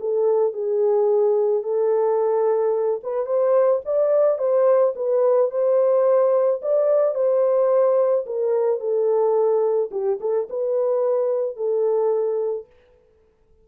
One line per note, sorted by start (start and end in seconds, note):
0.00 0.53 A4
0.53 1.63 G#4
1.64 3.01 A4
3.04 3.26 B4
3.26 3.81 C5
3.85 4.39 D5
4.39 4.94 C5
4.96 5.51 B4
5.51 6.61 C5
6.62 7.15 D5
7.15 8.25 C5
8.26 8.80 A#4
8.80 9.90 A4
9.91 10.19 G4
10.21 10.48 A4
10.50 11.56 B4
11.56 12.67 A4